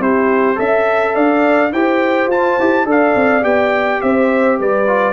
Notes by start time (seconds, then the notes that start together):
0.00 C4 E4 G4 C5
0.56 C#4 A4 E5
1.16 D4 D5 F5
1.73 E4 G4 C5 G5
2.28 F4 A5
2.60 E4 G4
2.86 D4 A4 D5 F5
3.16 C4
3.42 B3 G4 G5
4.02 C4 C5 E5
4.59 G3 B4 D5
4.88 F4